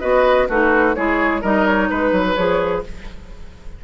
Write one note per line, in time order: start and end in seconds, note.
0.00 0.48 B3
0.00 0.47 F#4
0.00 0.47 B4
0.00 0.47 D#5
0.48 0.95 A3
0.48 0.95 D#4
0.48 0.95 F#4
0.48 0.95 B4
0.95 1.42 G#3
0.95 1.42 E4
0.95 1.41 G#4
0.95 1.42 C#5
1.41 1.89 G3
1.41 2.36 D#4
1.41 1.88 A#4
1.41 1.66 D#5
1.66 1.89 C#5
1.89 2.12 G#3
1.89 2.34 B4
1.89 2.83 B4
2.12 2.35 F#3
2.34 2.84 F3
2.34 2.83 G#4
2.34 2.81 C#5